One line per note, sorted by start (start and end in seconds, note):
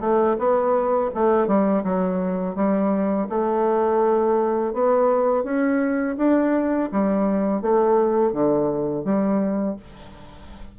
0.00 0.36 A3
0.38 1.10 B3
1.14 1.47 A3
1.47 1.83 G3
1.83 2.55 F#3
2.55 3.27 G3
3.29 4.73 A3
4.73 5.43 B3
5.43 6.15 C#4
6.17 6.89 D4
6.91 7.61 G3
7.61 8.32 A3
8.32 9.04 D3
9.04 9.76 G3